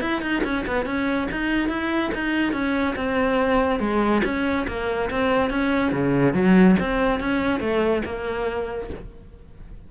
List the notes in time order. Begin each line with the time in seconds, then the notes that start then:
0.00 E4
0.21 D#4
0.44 C#4
0.66 B3
0.85 C#4
1.31 D#4
1.68 E4
2.14 D#4
2.52 C#4
2.96 C4
3.79 G#3
4.24 C#4
4.67 A#3
5.10 C4
5.49 C#4
5.92 C#3
6.33 F#3
6.79 C4
7.20 C#4
7.60 A3
8.05 A#3